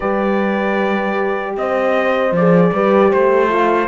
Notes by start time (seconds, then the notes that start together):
0.00 G3 G4 B4 D5
1.56 C4 C5 D#5
2.31 F3 D5
2.37 G#4
2.73 G3 G4 B4
3.09 A3 C5
3.48 F4 F5